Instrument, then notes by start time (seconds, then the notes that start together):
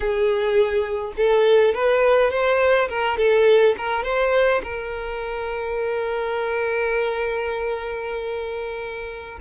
violin
0.00 G#4
1.16 A4
1.74 B4
2.31 C5
2.88 A#4
3.17 A4
3.77 A#4
4.03 C5
4.63 A#4